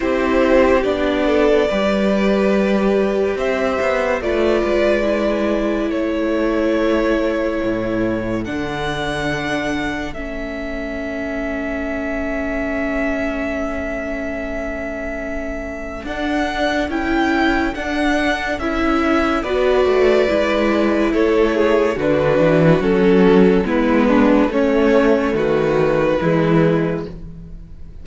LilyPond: <<
  \new Staff \with { instrumentName = "violin" } { \time 4/4 \tempo 4 = 71 c''4 d''2. | e''4 d''2 cis''4~ | cis''2 fis''2 | e''1~ |
e''2. fis''4 | g''4 fis''4 e''4 d''4~ | d''4 cis''4 b'4 a'4 | b'4 cis''4 b'2 | }
  \new Staff \with { instrumentName = "violin" } { \time 4/4 g'4. a'8 b'2 | c''4 b'2 a'4~ | a'1~ | a'1~ |
a'1~ | a'2. b'4~ | b'4 a'8 gis'8 fis'2 | e'8 d'8 cis'4 fis'4 e'4 | }
  \new Staff \with { instrumentName = "viola" } { \time 4/4 e'4 d'4 g'2~ | g'4 f'4 e'2~ | e'2 d'2 | cis'1~ |
cis'2. d'4 | e'4 d'4 e'4 fis'4 | e'2 d'4 cis'4 | b4 a2 gis4 | }
  \new Staff \with { instrumentName = "cello" } { \time 4/4 c'4 b4 g2 | c'8 b8 a8 gis4. a4~ | a4 a,4 d2 | a1~ |
a2. d'4 | cis'4 d'4 cis'4 b8 a8 | gis4 a4 d8 e8 fis4 | gis4 a4 dis4 e4 | }
>>